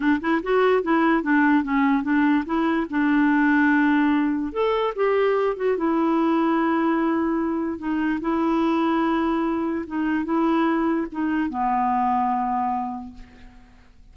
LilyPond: \new Staff \with { instrumentName = "clarinet" } { \time 4/4 \tempo 4 = 146 d'8 e'8 fis'4 e'4 d'4 | cis'4 d'4 e'4 d'4~ | d'2. a'4 | g'4. fis'8 e'2~ |
e'2. dis'4 | e'1 | dis'4 e'2 dis'4 | b1 | }